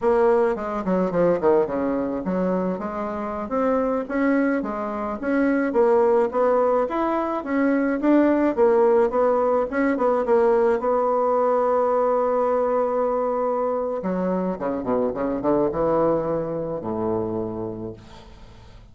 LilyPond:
\new Staff \with { instrumentName = "bassoon" } { \time 4/4 \tempo 4 = 107 ais4 gis8 fis8 f8 dis8 cis4 | fis4 gis4~ gis16 c'4 cis'8.~ | cis'16 gis4 cis'4 ais4 b8.~ | b16 e'4 cis'4 d'4 ais8.~ |
ais16 b4 cis'8 b8 ais4 b8.~ | b1~ | b4 fis4 cis8 b,8 cis8 d8 | e2 a,2 | }